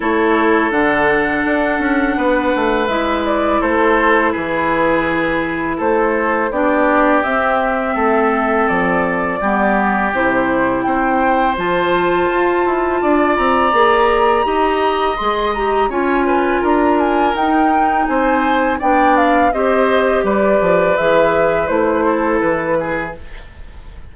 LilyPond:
<<
  \new Staff \with { instrumentName = "flute" } { \time 4/4 \tempo 4 = 83 cis''4 fis''2. | e''8 d''8 c''4 b'2 | c''4 d''4 e''2 | d''2 c''4 g''4 |
a''2~ a''8 ais''4.~ | ais''4 c'''8 ais''8 gis''4 ais''8 gis''8 | g''4 gis''4 g''8 f''8 dis''4 | d''4 e''4 c''4 b'4 | }
  \new Staff \with { instrumentName = "oboe" } { \time 4/4 a'2. b'4~ | b'4 a'4 gis'2 | a'4 g'2 a'4~ | a'4 g'2 c''4~ |
c''2 d''2 | dis''2 cis''8 b'8 ais'4~ | ais'4 c''4 d''4 c''4 | b'2~ b'8 a'4 gis'8 | }
  \new Staff \with { instrumentName = "clarinet" } { \time 4/4 e'4 d'2. | e'1~ | e'4 d'4 c'2~ | c'4 b4 e'2 |
f'2. gis'4 | g'4 gis'8 g'8 f'2 | dis'2 d'4 g'4~ | g'4 gis'4 e'2 | }
  \new Staff \with { instrumentName = "bassoon" } { \time 4/4 a4 d4 d'8 cis'8 b8 a8 | gis4 a4 e2 | a4 b4 c'4 a4 | f4 g4 c4 c'4 |
f4 f'8 e'8 d'8 c'8 ais4 | dis'4 gis4 cis'4 d'4 | dis'4 c'4 b4 c'4 | g8 f8 e4 a4 e4 | }
>>